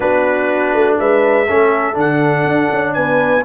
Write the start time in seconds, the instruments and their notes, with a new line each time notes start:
0.00 tuba B3, trombone D4, horn F#4, trumpet B4
0.73 tuba A3
0.99 tuba G#3, horn B4, trumpet E5
1.46 tuba A3, trombone C#4, horn A4
1.93 tuba D3, trombone D4, trumpet F#5
2.45 tuba D4
2.71 tuba C#4
2.93 tuba B3, horn B4, trumpet G#5